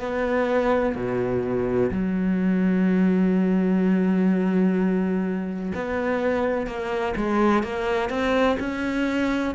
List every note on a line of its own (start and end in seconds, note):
0.00 0.95 B3
0.95 1.90 B2
1.91 5.72 F#3
5.74 6.67 B3
6.67 7.14 A#3
7.16 7.63 G#3
7.63 8.10 A#3
8.10 8.57 C4
8.59 9.55 C#4